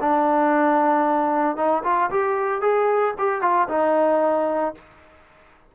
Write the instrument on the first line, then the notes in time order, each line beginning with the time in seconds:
trombone
0.00 D4
1.56 D#4
1.83 F4
2.10 G4
2.61 G#4
3.18 G4
3.41 F4
3.68 D#4